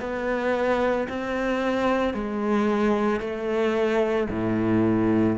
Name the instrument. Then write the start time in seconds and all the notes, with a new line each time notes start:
cello
0.00 B3
1.09 C4
2.13 G#3
3.20 A3
4.30 A2